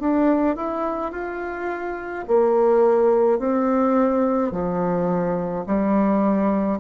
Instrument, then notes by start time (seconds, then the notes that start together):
bassoon
0.00 D4
0.57 E4
1.12 F4
2.28 A#3
3.39 C4
4.52 F3
5.67 G3